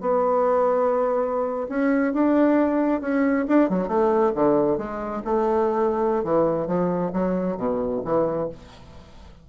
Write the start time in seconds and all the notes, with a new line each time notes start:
0.00 B3
1.69 C#4
2.13 D4
3.01 C#4
3.47 D4
3.69 F#3
3.87 A3
4.35 D3
4.77 G#3
5.24 A3
6.23 E3
6.67 F3
7.13 F#3
7.57 B2
8.04 E3